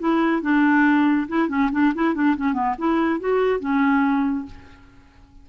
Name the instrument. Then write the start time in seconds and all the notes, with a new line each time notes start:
clarinet
0.00 E4
0.42 D4
1.29 E4
1.49 C#4
1.72 D4
1.95 E4
2.15 D4
2.37 C#4
2.54 B3
2.79 E4
3.20 F#4
3.60 C#4